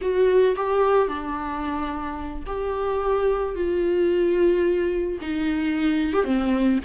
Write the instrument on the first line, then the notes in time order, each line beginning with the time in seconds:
viola
0.01 F#4
0.56 G4
1.08 D4
2.46 G4
3.55 F4
5.21 D#4
6.13 G4
6.24 C4